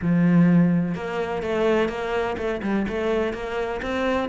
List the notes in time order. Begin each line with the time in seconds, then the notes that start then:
0.01 F3
0.94 A#3
1.42 A3
1.88 A#3
2.37 A3
2.62 G3
2.88 A3
3.33 A#3
3.82 C4